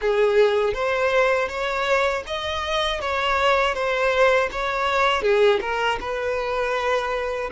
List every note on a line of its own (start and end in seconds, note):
0.01 0.73 G#4
0.73 1.48 C5
1.48 2.23 C#5
2.26 3.00 D#5
3.00 3.74 C#5
3.74 4.49 C5
4.51 5.22 C#5
5.22 5.59 G#4
5.61 5.98 A#4
6.00 7.50 B4